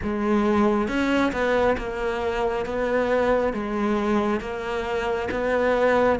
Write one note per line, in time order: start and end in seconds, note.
0.02 0.87 G#3
0.87 1.32 C#4
1.32 1.76 B3
1.77 2.65 A#3
2.65 3.53 B3
3.53 4.40 G#3
4.40 5.28 A#3
5.31 6.19 B3